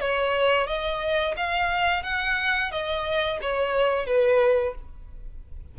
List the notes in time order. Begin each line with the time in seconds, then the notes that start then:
0.00 C#5
0.67 D#5
1.36 F5
2.03 F#5
2.71 D#5
3.41 C#5
4.06 B4